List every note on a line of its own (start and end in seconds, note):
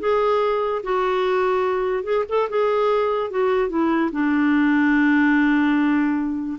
0.00 0.82 G#4
0.84 2.04 F#4
2.04 2.25 G#4
2.29 2.50 A4
2.50 3.31 G#4
3.31 3.69 F#4
3.69 4.11 E4
4.12 6.59 D4